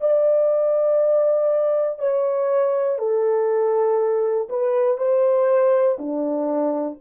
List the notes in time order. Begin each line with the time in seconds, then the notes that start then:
0.00 D5
1.98 C#5
2.98 A4
4.49 B4
4.97 C5
5.98 D4